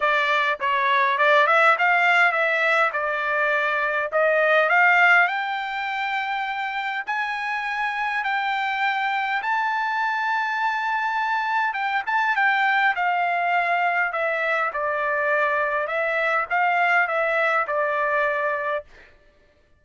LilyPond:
\new Staff \with { instrumentName = "trumpet" } { \time 4/4 \tempo 4 = 102 d''4 cis''4 d''8 e''8 f''4 | e''4 d''2 dis''4 | f''4 g''2. | gis''2 g''2 |
a''1 | g''8 a''8 g''4 f''2 | e''4 d''2 e''4 | f''4 e''4 d''2 | }